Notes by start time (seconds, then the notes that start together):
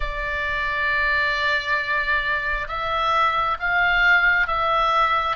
0.00 D5
2.68 E5
3.59 F5
4.47 E5